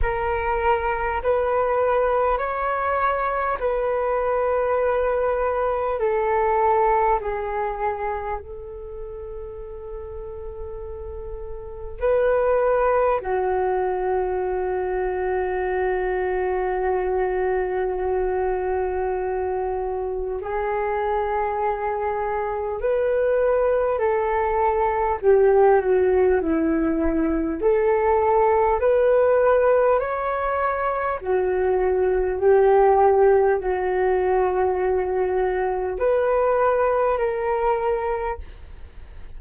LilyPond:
\new Staff \with { instrumentName = "flute" } { \time 4/4 \tempo 4 = 50 ais'4 b'4 cis''4 b'4~ | b'4 a'4 gis'4 a'4~ | a'2 b'4 fis'4~ | fis'1~ |
fis'4 gis'2 b'4 | a'4 g'8 fis'8 e'4 a'4 | b'4 cis''4 fis'4 g'4 | fis'2 b'4 ais'4 | }